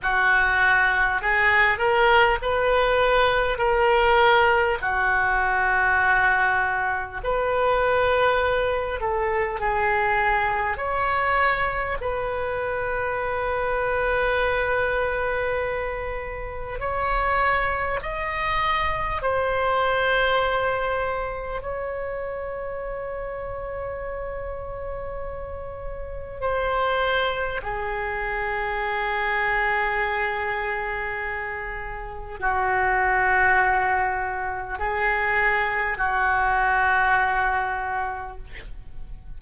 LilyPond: \new Staff \with { instrumentName = "oboe" } { \time 4/4 \tempo 4 = 50 fis'4 gis'8 ais'8 b'4 ais'4 | fis'2 b'4. a'8 | gis'4 cis''4 b'2~ | b'2 cis''4 dis''4 |
c''2 cis''2~ | cis''2 c''4 gis'4~ | gis'2. fis'4~ | fis'4 gis'4 fis'2 | }